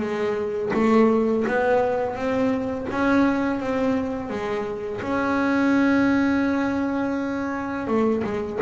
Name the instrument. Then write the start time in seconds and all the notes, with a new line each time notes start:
double bass
0.00 G#3
0.73 A3
1.47 B3
2.15 C4
2.91 C#4
3.59 C4
4.29 G#3
5.02 C#4
7.87 A3
8.23 G#3